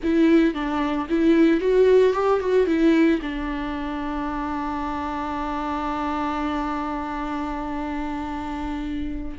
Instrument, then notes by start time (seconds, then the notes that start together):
viola
0.03 E4
0.54 D4
1.09 E4
1.60 F#4
2.13 G4
2.40 F#4
2.66 E4
3.21 D4